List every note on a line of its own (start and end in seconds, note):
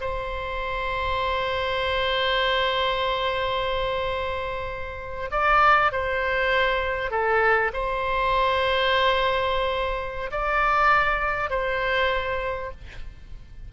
0.00 5.30 C5
5.31 5.92 D5
5.92 7.11 C5
7.11 7.71 A4
7.73 10.31 C5
10.31 11.50 D5
11.50 12.71 C5